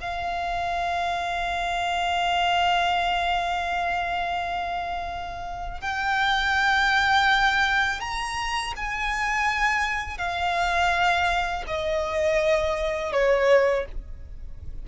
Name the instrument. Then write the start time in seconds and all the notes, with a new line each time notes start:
violin
0.00 F5
5.81 G5
8.00 A#5
8.76 G#5
10.17 F5
11.67 D#5
13.12 C#5